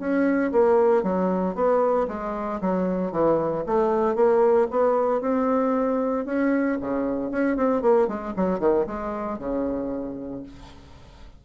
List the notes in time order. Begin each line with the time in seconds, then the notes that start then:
0.00 C#4
0.52 A#3
1.04 F#3
1.55 B3
2.08 G#3
2.61 F#3
3.12 E3
3.67 A3
4.16 A#3
4.71 B3
5.22 C4
6.26 C#4
6.81 C#3
7.32 C#4
7.57 C4
7.82 A#3
8.08 G#3
8.37 F#3
8.60 D#3
8.87 G#3
9.39 C#3